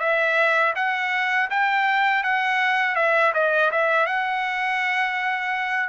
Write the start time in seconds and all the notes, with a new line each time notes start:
0.00 E5
0.76 F#5
1.50 G5
2.24 F#5
2.96 E5
3.34 D#5
3.71 E5
4.06 F#5